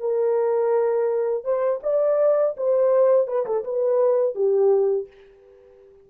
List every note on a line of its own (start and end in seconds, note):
0.00 1.44 A#4
1.44 1.80 C5
1.84 2.56 D5
2.57 3.28 C5
3.28 3.46 B4
3.46 3.64 A4
3.65 4.35 B4
4.35 5.08 G4